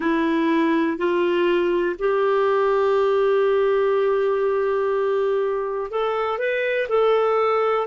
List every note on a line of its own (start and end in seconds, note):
0.00 0.97 E4
0.97 1.96 F4
1.99 5.91 G4
5.91 6.38 A4
6.38 6.87 B4
6.89 7.87 A4